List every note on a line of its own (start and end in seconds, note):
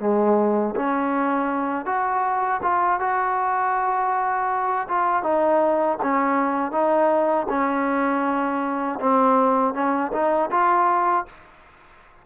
0.00 0.75 G#3
0.76 1.86 C#4
1.86 2.61 F#4
2.63 3.00 F4
3.00 4.88 F#4
4.89 5.23 F4
5.23 5.98 D#4
6.03 6.72 C#4
6.72 7.47 D#4
7.49 8.99 C#4
9.00 9.74 C4
9.74 10.12 C#4
10.13 10.50 D#4
10.51 11.26 F4